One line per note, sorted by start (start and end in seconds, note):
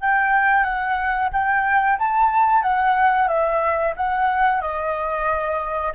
0.00 0.63 G5
0.63 1.29 F#5
1.32 1.98 G5
1.98 2.62 A5
2.62 3.28 F#5
3.28 3.94 E5
3.96 4.61 F#5
4.61 5.93 D#5